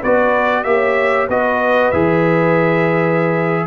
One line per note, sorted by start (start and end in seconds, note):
0.00 0.64 B3
0.00 0.65 F#4
0.00 0.64 B4
0.00 0.63 D5
0.63 1.28 A#3
0.63 1.29 G4
0.63 1.27 E5
0.70 1.29 C#5
1.28 1.92 B3
1.28 1.93 F#4
1.28 3.66 B4
1.28 1.91 D#5
1.91 3.66 E3
1.91 3.66 G#4
1.91 3.66 E5